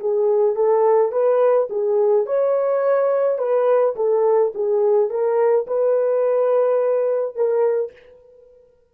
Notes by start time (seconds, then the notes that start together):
0.00 G#4
0.56 A4
1.12 B4
1.70 G#4
2.26 C#5
3.39 B4
3.96 A4
4.55 G#4
5.10 A#4
5.68 B4
7.36 A#4